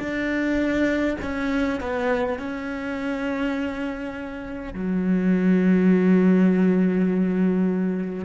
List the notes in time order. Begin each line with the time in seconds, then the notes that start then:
0.00 D4
1.22 C#4
1.80 B3
2.39 C#4
4.74 F#3